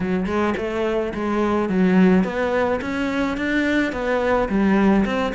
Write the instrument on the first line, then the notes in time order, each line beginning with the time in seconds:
cello
0.00 F#3
0.25 G#3
0.57 A3
1.14 G#3
1.69 F#3
2.24 B3
2.81 C#4
3.37 D4
3.92 B3
4.49 G3
5.05 C4